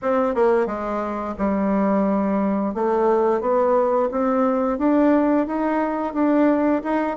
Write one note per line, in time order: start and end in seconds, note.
0.02 0.34 C4
0.34 0.66 A#3
0.66 1.34 G#3
1.38 2.74 G3
2.74 3.41 A3
3.41 4.09 B3
4.11 4.78 C4
4.78 5.46 D4
5.46 6.13 D#4
6.13 6.82 D4
6.83 7.16 D#4